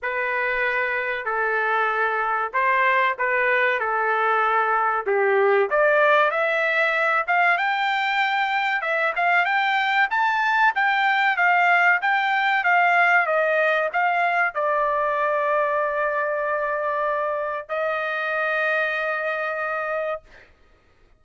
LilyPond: \new Staff \with { instrumentName = "trumpet" } { \time 4/4 \tempo 4 = 95 b'2 a'2 | c''4 b'4 a'2 | g'4 d''4 e''4. f''8 | g''2 e''8 f''8 g''4 |
a''4 g''4 f''4 g''4 | f''4 dis''4 f''4 d''4~ | d''1 | dis''1 | }